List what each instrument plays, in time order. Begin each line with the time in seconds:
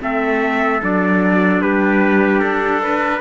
0.00 cello A3, clarinet C4, trumpet A4 E5
0.81 cello F#3, clarinet D4, trumpet D5
1.61 cello G3, trumpet G4 B4
2.40 cello D4, trumpet A4
2.83 trumpet B4